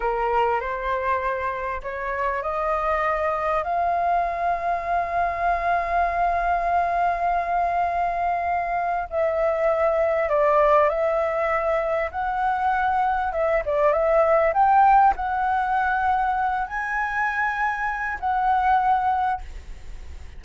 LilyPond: \new Staff \with { instrumentName = "flute" } { \time 4/4 \tempo 4 = 99 ais'4 c''2 cis''4 | dis''2 f''2~ | f''1~ | f''2. e''4~ |
e''4 d''4 e''2 | fis''2 e''8 d''8 e''4 | g''4 fis''2~ fis''8 gis''8~ | gis''2 fis''2 | }